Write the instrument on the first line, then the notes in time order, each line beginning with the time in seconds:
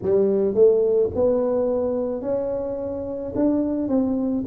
tuba
0.02 G3
0.54 A3
1.14 B3
2.21 C#4
3.35 D4
3.88 C4